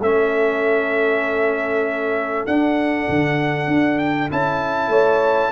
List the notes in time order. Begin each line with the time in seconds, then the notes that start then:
0.00 A3 C#4 A4 E5
2.46 D4 F#5
3.09 D3
3.67 D4
3.98 G5
4.30 C#4 E4 A5
4.88 A3 C#5